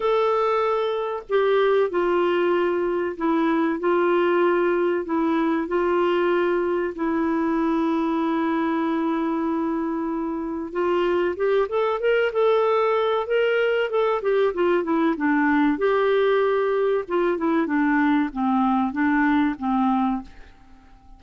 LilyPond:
\new Staff \with { instrumentName = "clarinet" } { \time 4/4 \tempo 4 = 95 a'2 g'4 f'4~ | f'4 e'4 f'2 | e'4 f'2 e'4~ | e'1~ |
e'4 f'4 g'8 a'8 ais'8 a'8~ | a'4 ais'4 a'8 g'8 f'8 e'8 | d'4 g'2 f'8 e'8 | d'4 c'4 d'4 c'4 | }